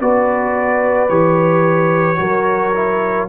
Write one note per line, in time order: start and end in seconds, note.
0.00 1.09 B3
0.00 1.09 F#4
0.00 2.20 B4
0.00 1.09 D5
1.09 2.18 E3
1.09 2.16 G4
1.09 3.27 C#5
2.16 3.28 F#3
2.16 2.71 F#4
2.16 3.28 A#4
2.74 3.28 E4